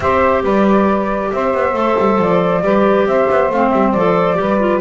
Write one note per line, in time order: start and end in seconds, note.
0.00 0.43 C4
0.00 1.73 G4
0.00 0.43 C5
0.00 0.43 E5
0.43 1.31 G3
0.43 1.30 B4
0.43 1.32 D5
1.32 1.53 C4
1.32 2.63 C5
1.32 2.20 E5
1.53 1.73 B3
1.73 1.95 A3
1.73 2.60 A4
1.98 2.18 G3
2.18 2.61 F3
2.18 3.07 D5
2.61 3.05 G3
2.61 3.50 G4
2.61 3.07 B4
3.05 3.27 C4
3.05 4.39 C5
3.05 3.51 E5
3.30 3.49 B3
3.49 3.71 A3
3.49 3.97 C4
3.49 3.69 F5
3.69 3.94 G3
3.69 3.91 E5
3.92 4.38 F3
3.92 4.35 A4
3.92 4.79 D5
4.35 4.80 G3
4.35 4.57 G4
4.35 4.80 B4
4.59 4.80 F4